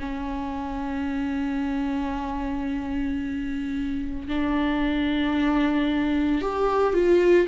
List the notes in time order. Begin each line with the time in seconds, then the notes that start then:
0.00 C#4
4.28 D4
6.42 G4
6.94 F4